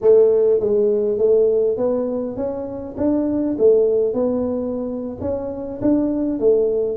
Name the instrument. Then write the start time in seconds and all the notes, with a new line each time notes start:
tuba
0.01 A3
0.59 G#3
1.18 A3
1.77 B3
2.36 C#4
2.97 D4
3.58 A3
4.13 B3
5.21 C#4
5.81 D4
6.39 A3